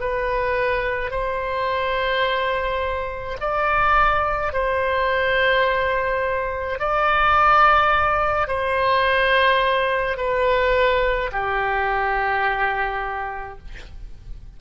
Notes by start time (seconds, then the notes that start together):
0.00 B4
1.11 C5
3.40 D5
4.53 C5
6.79 D5
8.48 C5
10.17 B4
11.32 G4